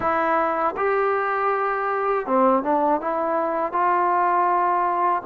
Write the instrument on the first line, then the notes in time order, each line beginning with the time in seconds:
trombone
0.00 E4
0.76 G4
2.26 C4
2.63 D4
3.00 E4
3.72 F4